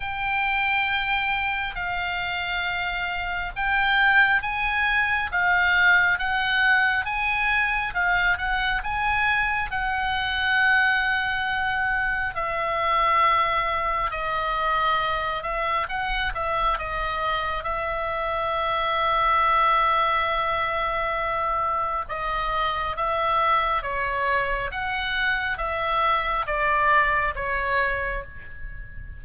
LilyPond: \new Staff \with { instrumentName = "oboe" } { \time 4/4 \tempo 4 = 68 g''2 f''2 | g''4 gis''4 f''4 fis''4 | gis''4 f''8 fis''8 gis''4 fis''4~ | fis''2 e''2 |
dis''4. e''8 fis''8 e''8 dis''4 | e''1~ | e''4 dis''4 e''4 cis''4 | fis''4 e''4 d''4 cis''4 | }